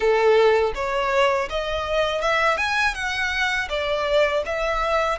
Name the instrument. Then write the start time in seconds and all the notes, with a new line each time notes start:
violin
0.00 A4
0.74 C#5
1.49 D#5
2.21 E5
2.57 G#5
2.94 F#5
3.69 D5
4.45 E5